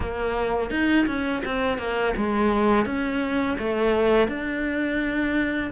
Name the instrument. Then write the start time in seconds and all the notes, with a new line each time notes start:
cello
0.00 A#3
0.70 D#4
1.06 C#4
1.44 C4
1.78 A#3
2.16 G#3
2.85 C#4
3.58 A3
4.28 D4